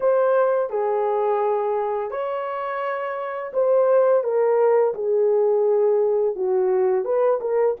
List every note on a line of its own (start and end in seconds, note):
0.00 0.70 C5
0.70 2.10 G#4
2.10 3.52 C#5
3.53 4.23 C5
4.23 4.94 A#4
4.94 6.35 G#4
6.35 7.04 F#4
7.04 7.40 B4
7.40 7.76 A#4